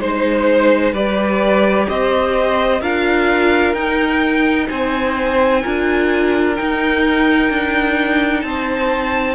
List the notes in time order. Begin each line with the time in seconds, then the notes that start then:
0.00 G#3 D#4 C5
0.93 G3 G4 B4 D5
1.88 C4 C5 D#5
2.81 D4 F4 A#4 F5
3.74 D#4 G5
4.69 C4 C5 G#5
5.62 D4 F4 A#4
6.56 D#4 G5
7.50 D4
8.41 C4 C5 A5